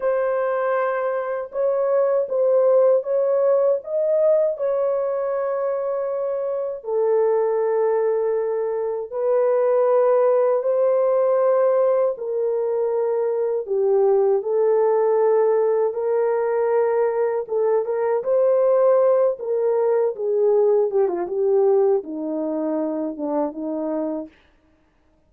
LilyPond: \new Staff \with { instrumentName = "horn" } { \time 4/4 \tempo 4 = 79 c''2 cis''4 c''4 | cis''4 dis''4 cis''2~ | cis''4 a'2. | b'2 c''2 |
ais'2 g'4 a'4~ | a'4 ais'2 a'8 ais'8 | c''4. ais'4 gis'4 g'16 f'16 | g'4 dis'4. d'8 dis'4 | }